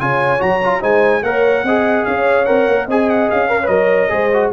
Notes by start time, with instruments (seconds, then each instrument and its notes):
0.00 tuba C#3, trombone F4, horn C#5, trumpet G#5
0.39 tuba F#3, trombone F#4, trumpet A#5
0.64 trombone F4
0.81 tuba G#3, trombone D#4, horn C5, trumpet G#5
1.23 tuba A#3, trombone A#4, horn C#5, trumpet F#5
1.64 tuba C4, trombone G#4, horn D#5
2.05 tuba C#4, horn C#5, trumpet F5
2.45 tuba C4, trombone A#4, trumpet F#5
2.68 tuba A#3
2.86 tuba C4, trombone G#4, horn D#5, trumpet G#5
3.10 trumpet F#5
3.31 tuba C#4, trumpet F5
3.49 trombone A#4, horn C#5
3.63 tuba F#3, trombone B4, trumpet D#5
3.72 trombone A#4
4.09 tuba G#3, trombone G#4, horn C5
4.34 trombone F#4